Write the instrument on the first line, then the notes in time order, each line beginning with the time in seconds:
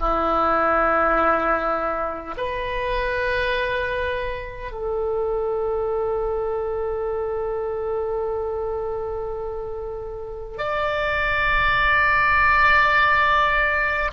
oboe
0.00 E4
2.38 B4
4.72 A4
10.58 D5